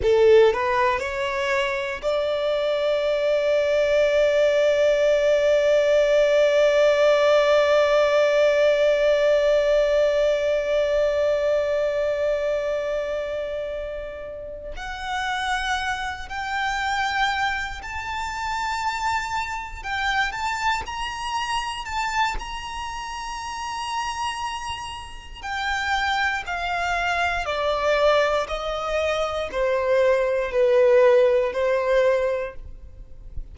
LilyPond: \new Staff \with { instrumentName = "violin" } { \time 4/4 \tempo 4 = 59 a'8 b'8 cis''4 d''2~ | d''1~ | d''1~ | d''2~ d''8 fis''4. |
g''4. a''2 g''8 | a''8 ais''4 a''8 ais''2~ | ais''4 g''4 f''4 d''4 | dis''4 c''4 b'4 c''4 | }